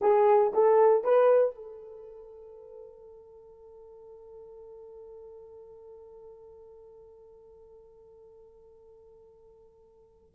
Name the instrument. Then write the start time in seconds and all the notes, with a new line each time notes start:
horn
0.01 G#4
0.53 A4
1.03 B4
1.55 A4